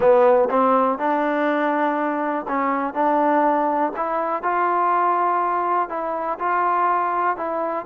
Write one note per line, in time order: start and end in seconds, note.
0.00 0.49 B3
0.50 0.98 C4
0.98 2.46 D4
2.48 2.94 C#4
2.94 3.92 D4
3.96 4.42 E4
4.42 5.89 F4
5.89 6.38 E4
6.39 7.37 F4
7.37 7.85 E4